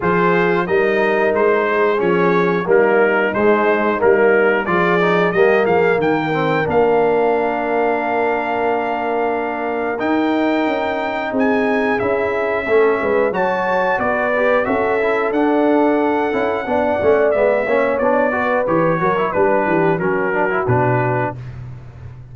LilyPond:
<<
  \new Staff \with { instrumentName = "trumpet" } { \time 4/4 \tempo 4 = 90 c''4 dis''4 c''4 cis''4 | ais'4 c''4 ais'4 d''4 | dis''8 f''8 g''4 f''2~ | f''2. g''4~ |
g''4 gis''4 e''2 | a''4 d''4 e''4 fis''4~ | fis''2 e''4 d''4 | cis''4 b'4 ais'4 b'4 | }
  \new Staff \with { instrumentName = "horn" } { \time 4/4 gis'4 ais'4. gis'4. | dis'2. gis'4 | g'8 gis'8 ais'2.~ | ais'1~ |
ais'4 gis'2 a'8 b'8 | cis''4 b'4 a'2~ | a'4 d''4. cis''4 b'8~ | b'8 ais'8 b'8 g'8 fis'2 | }
  \new Staff \with { instrumentName = "trombone" } { \time 4/4 f'4 dis'2 cis'4 | ais4 gis4 ais4 f'8 dis'8 | ais4. c'8 d'2~ | d'2. dis'4~ |
dis'2 e'4 cis'4 | fis'4. g'8 fis'8 e'8 d'4~ | d'8 e'8 d'8 cis'8 b8 cis'8 d'8 fis'8 | g'8 fis'16 e'16 d'4 cis'8 d'16 e'16 d'4 | }
  \new Staff \with { instrumentName = "tuba" } { \time 4/4 f4 g4 gis4 f4 | g4 gis4 g4 f4 | g8 f8 dis4 ais2~ | ais2. dis'4 |
cis'4 c'4 cis'4 a8 gis8 | fis4 b4 cis'4 d'4~ | d'8 cis'8 b8 a8 gis8 ais8 b4 | e8 fis8 g8 e8 fis4 b,4 | }
>>